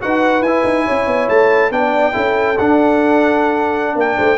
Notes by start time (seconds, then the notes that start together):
0.00 D#4 F#4 B4 F#5
0.40 E4 G#5
0.47 E4
0.64 D#4
0.85 C#4 C#5
1.06 B3
1.28 A3 A5
1.70 B3 D4 D5 G5
2.12 C#4 E4 A4
2.58 D4 F#5
3.95 A#3 A#4 G5
4.16 A3 C5